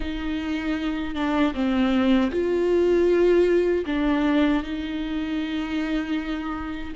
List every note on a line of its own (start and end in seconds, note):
0.00 1.15 D#4
1.15 1.53 D4
1.53 2.30 C4
2.31 3.85 F4
3.86 4.63 D4
4.63 6.94 D#4